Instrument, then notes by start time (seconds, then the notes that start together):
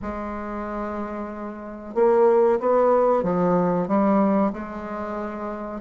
bassoon
0.02 G#3
1.94 A#3
2.60 B3
3.23 F3
3.88 G3
4.52 G#3